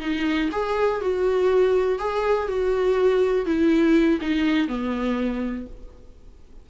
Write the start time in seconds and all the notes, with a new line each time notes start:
0.00 D#4
0.51 G#4
1.01 F#4
1.99 G#4
2.48 F#4
3.45 E4
4.21 D#4
4.67 B3